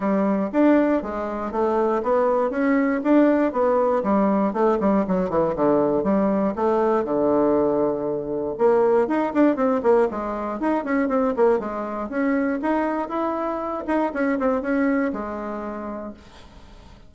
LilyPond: \new Staff \with { instrumentName = "bassoon" } { \time 4/4 \tempo 4 = 119 g4 d'4 gis4 a4 | b4 cis'4 d'4 b4 | g4 a8 g8 fis8 e8 d4 | g4 a4 d2~ |
d4 ais4 dis'8 d'8 c'8 ais8 | gis4 dis'8 cis'8 c'8 ais8 gis4 | cis'4 dis'4 e'4. dis'8 | cis'8 c'8 cis'4 gis2 | }